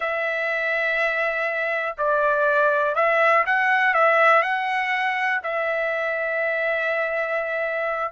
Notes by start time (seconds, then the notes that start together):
0.00 E5
1.97 D5
2.95 E5
3.46 F#5
3.93 E5
4.42 F#5
5.43 E5